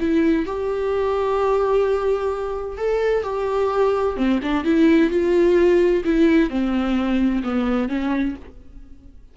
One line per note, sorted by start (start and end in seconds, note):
0.00 0.46 E4
0.46 2.78 G4
2.78 3.24 A4
3.24 4.17 G4
4.17 4.40 C4
4.43 4.65 D4
4.65 5.11 E4
5.11 6.04 F4
6.05 6.50 E4
6.50 7.43 C4
7.44 7.89 B3
7.89 8.36 C#4